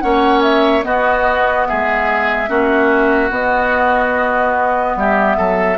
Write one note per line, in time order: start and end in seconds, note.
0.00 0.84 A#3
0.00 0.82 C#4
0.00 0.85 C#5
0.00 0.41 F#5
0.42 0.83 E5
0.82 2.46 B3
0.82 1.66 B3
0.82 1.67 F#4
0.82 1.66 D#5
1.66 2.49 G#3
1.66 2.49 G#4
1.66 3.31 E5
2.47 3.30 A#3
2.47 3.29 C#4
2.47 4.96 F#4
3.30 4.95 B3
3.30 5.77 B3
3.30 4.96 D#5
4.95 5.36 G3
4.95 5.37 G4
4.95 5.78 E5
5.37 5.78 F#3
5.37 5.78 A4